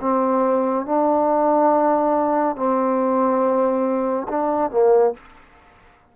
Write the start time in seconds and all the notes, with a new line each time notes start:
0.00 C4
0.85 D4
2.56 C4
4.28 D4
4.71 A#3